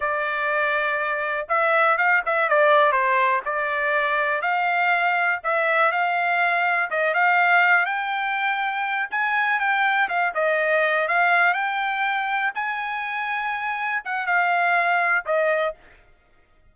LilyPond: \new Staff \with { instrumentName = "trumpet" } { \time 4/4 \tempo 4 = 122 d''2. e''4 | f''8 e''8 d''4 c''4 d''4~ | d''4 f''2 e''4 | f''2 dis''8 f''4. |
g''2~ g''8 gis''4 g''8~ | g''8 f''8 dis''4. f''4 g''8~ | g''4. gis''2~ gis''8~ | gis''8 fis''8 f''2 dis''4 | }